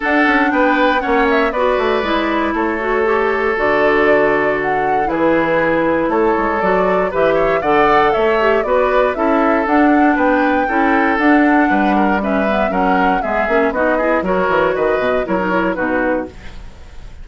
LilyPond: <<
  \new Staff \with { instrumentName = "flute" } { \time 4/4 \tempo 4 = 118 fis''4 g''4 fis''8 e''8 d''4~ | d''4 cis''2 d''4~ | d''4 fis''4 b'2 | cis''4 d''4 e''4 fis''4 |
e''4 d''4 e''4 fis''4 | g''2 fis''2 | e''4 fis''4 e''4 dis''4 | cis''4 dis''4 cis''4 b'4 | }
  \new Staff \with { instrumentName = "oboe" } { \time 4/4 a'4 b'4 cis''4 b'4~ | b'4 a'2.~ | a'2 gis'2 | a'2 b'8 cis''8 d''4 |
cis''4 b'4 a'2 | b'4 a'2 b'8 ais'8 | b'4 ais'4 gis'4 fis'8 gis'8 | ais'4 b'4 ais'4 fis'4 | }
  \new Staff \with { instrumentName = "clarinet" } { \time 4/4 d'2 cis'4 fis'4 | e'4. fis'8 g'4 fis'4~ | fis'2 e'2~ | e'4 fis'4 g'4 a'4~ |
a'8 g'8 fis'4 e'4 d'4~ | d'4 e'4 d'2 | cis'8 b8 cis'4 b8 cis'8 dis'8 e'8 | fis'2 e'16 dis'16 e'8 dis'4 | }
  \new Staff \with { instrumentName = "bassoon" } { \time 4/4 d'8 cis'8 b4 ais4 b8 a8 | gis4 a2 d4~ | d2 e2 | a8 gis8 fis4 e4 d4 |
a4 b4 cis'4 d'4 | b4 cis'4 d'4 g4~ | g4 fis4 gis8 ais8 b4 | fis8 e8 dis8 b,8 fis4 b,4 | }
>>